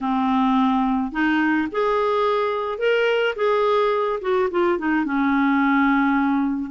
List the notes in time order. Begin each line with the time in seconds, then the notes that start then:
0.00 C4
1.12 D#4
1.71 G#4
2.78 A#4
3.35 G#4
4.21 F#4
4.50 F4
4.78 D#4
5.05 C#4